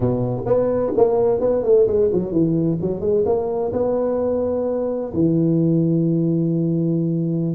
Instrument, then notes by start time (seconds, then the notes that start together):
tuba
0.00 B2
0.46 B3
0.96 A#3
1.40 B3
1.63 A3
1.87 G#3
2.12 F#3
2.32 E3
2.81 F#3
3.00 G#3
3.25 A#3
3.73 B3
5.13 E3